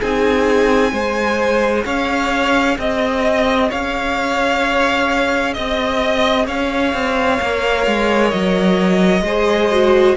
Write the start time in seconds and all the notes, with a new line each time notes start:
0.00 C4 D#4 G#4 G#5
0.92 G#3 G#4 C5
1.85 C#4 C#5 F5
2.78 C4 D#5
3.70 C#4 C#5 F5
5.54 C4 D#5
6.46 C#4 C#5 F5
6.94 C4
7.40 A#3 A#4
7.87 G#3
8.31 F#3 D#5
9.22 G#3 G#4 C5
9.72 F#4